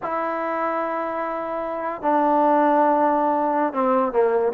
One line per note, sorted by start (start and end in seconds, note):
0.02 2.02 E4
2.02 3.73 D4
3.73 4.12 C4
4.12 4.52 A#3